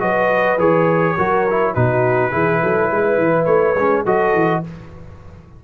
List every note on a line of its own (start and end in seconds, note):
0.00 0.57 F#3
0.00 0.58 F#4
0.00 1.16 B4
0.00 0.59 D#5
0.57 1.15 E3
0.57 1.17 G#4
0.57 1.74 C#5
1.16 1.76 F#3
1.16 1.47 F#4
1.16 1.74 A#4
1.50 1.75 E4
1.74 2.33 B2
1.74 2.31 D#4
1.74 2.32 F#4
1.74 3.45 B4
2.31 2.62 E3
2.31 3.75 E4
2.31 2.60 G#4
2.63 2.91 F#3
2.63 2.91 A4
2.91 3.18 G#3
2.91 4.05 B4
3.18 3.47 E3
3.45 3.75 A3
3.45 4.03 C#5
3.75 4.04 G#3
3.75 4.06 C#4
4.05 4.34 F#3
4.05 4.63 F#4
4.05 4.62 A4
4.05 4.64 D#5
4.34 4.63 E3